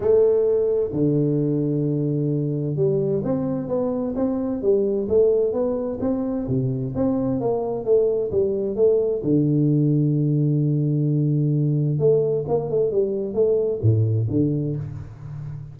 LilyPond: \new Staff \with { instrumentName = "tuba" } { \time 4/4 \tempo 4 = 130 a2 d2~ | d2 g4 c'4 | b4 c'4 g4 a4 | b4 c'4 c4 c'4 |
ais4 a4 g4 a4 | d1~ | d2 a4 ais8 a8 | g4 a4 a,4 d4 | }